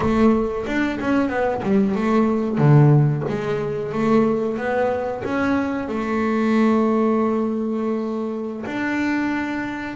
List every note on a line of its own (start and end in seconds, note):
0.00 0.65 A3
0.66 0.99 D4
1.00 1.29 C#4
1.29 1.61 B3
1.62 1.95 G3
1.95 2.58 A3
2.58 3.23 D3
3.28 3.92 G#3
3.92 4.57 A3
4.57 5.22 B3
5.24 5.88 C#4
5.88 8.65 A3
8.65 9.96 D4